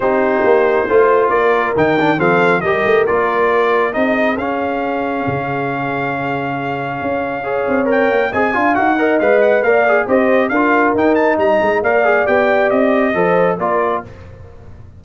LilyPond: <<
  \new Staff \with { instrumentName = "trumpet" } { \time 4/4 \tempo 4 = 137 c''2. d''4 | g''4 f''4 dis''4 d''4~ | d''4 dis''4 f''2~ | f''1~ |
f''2 g''4 gis''4 | fis''4 f''8 fis''8 f''4 dis''4 | f''4 g''8 a''8 ais''4 f''4 | g''4 dis''2 d''4 | }
  \new Staff \with { instrumentName = "horn" } { \time 4/4 g'2 c''4 ais'4~ | ais'4 a'4 ais'2~ | ais'4 gis'2.~ | gis'1~ |
gis'4 cis''2 dis''8 f''8~ | f''8 dis''4. d''4 c''4 | ais'2 dis''4 d''4~ | d''2 c''4 ais'4 | }
  \new Staff \with { instrumentName = "trombone" } { \time 4/4 dis'2 f'2 | dis'8 d'8 c'4 g'4 f'4~ | f'4 dis'4 cis'2~ | cis'1~ |
cis'4 gis'4 ais'4 gis'8 f'8 | fis'8 ais'8 b'4 ais'8 gis'8 g'4 | f'4 dis'2 ais'8 gis'8 | g'2 a'4 f'4 | }
  \new Staff \with { instrumentName = "tuba" } { \time 4/4 c'4 ais4 a4 ais4 | dis4 f4 g8 a8 ais4~ | ais4 c'4 cis'2 | cis1 |
cis'4. c'4 ais8 c'8 d'8 | dis'4 gis4 ais4 c'4 | d'4 dis'4 g8 gis8 ais4 | b4 c'4 f4 ais4 | }
>>